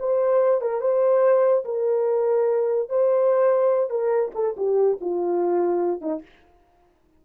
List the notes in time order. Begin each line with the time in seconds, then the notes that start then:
0.00 C5
0.62 A#4
0.81 C5
1.65 A#4
2.89 C5
3.90 A#4
4.35 A4
4.57 G4
5.01 F4
6.02 D#4